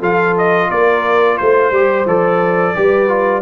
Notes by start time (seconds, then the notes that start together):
0.00 F3 F4 A4 F5
0.38 D#5
0.70 A#3 A#4 D5
1.38 A3 C5
1.71 G3 G4
2.06 F3 A4 D5
2.75 G3 G4 B4
3.09 F4